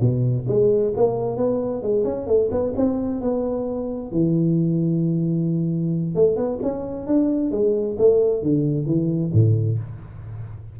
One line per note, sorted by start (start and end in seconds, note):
0.00 0.46 B2
0.48 0.93 G#3
0.96 1.36 A#3
1.36 1.82 B3
1.82 2.04 G#3
2.04 2.26 C#4
2.26 2.49 A3
2.51 2.73 B3
2.76 3.21 C4
3.21 4.11 B3
4.11 6.15 E3
6.15 6.36 A3
6.36 6.59 B3
6.62 7.07 C#4
7.07 7.51 D4
7.51 7.96 G#3
7.98 8.42 A3
8.42 8.86 D3
8.86 9.31 E3
9.33 9.78 A2